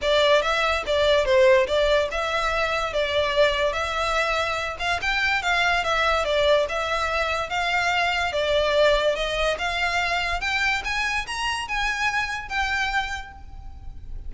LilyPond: \new Staff \with { instrumentName = "violin" } { \time 4/4 \tempo 4 = 144 d''4 e''4 d''4 c''4 | d''4 e''2 d''4~ | d''4 e''2~ e''8 f''8 | g''4 f''4 e''4 d''4 |
e''2 f''2 | d''2 dis''4 f''4~ | f''4 g''4 gis''4 ais''4 | gis''2 g''2 | }